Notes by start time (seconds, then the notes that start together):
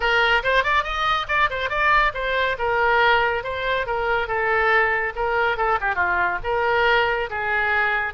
0.00 A#4
0.43 C5
0.63 D5
0.83 D#5
1.28 D5
1.49 C5
1.69 D5
2.14 C5
2.58 A#4
3.43 C5
3.86 A#4
4.27 A4
5.15 A#4
5.57 A4
5.81 G4
5.95 F4
6.43 A#4
7.30 G#4